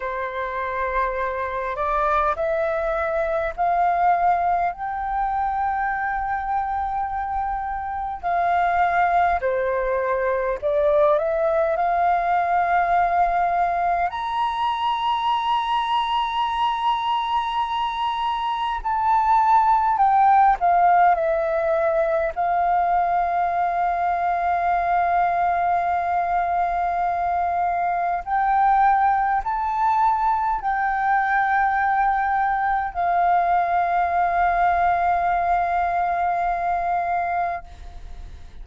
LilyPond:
\new Staff \with { instrumentName = "flute" } { \time 4/4 \tempo 4 = 51 c''4. d''8 e''4 f''4 | g''2. f''4 | c''4 d''8 e''8 f''2 | ais''1 |
a''4 g''8 f''8 e''4 f''4~ | f''1 | g''4 a''4 g''2 | f''1 | }